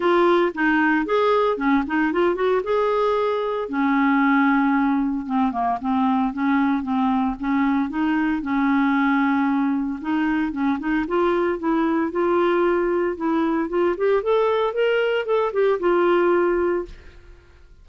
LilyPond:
\new Staff \with { instrumentName = "clarinet" } { \time 4/4 \tempo 4 = 114 f'4 dis'4 gis'4 cis'8 dis'8 | f'8 fis'8 gis'2 cis'4~ | cis'2 c'8 ais8 c'4 | cis'4 c'4 cis'4 dis'4 |
cis'2. dis'4 | cis'8 dis'8 f'4 e'4 f'4~ | f'4 e'4 f'8 g'8 a'4 | ais'4 a'8 g'8 f'2 | }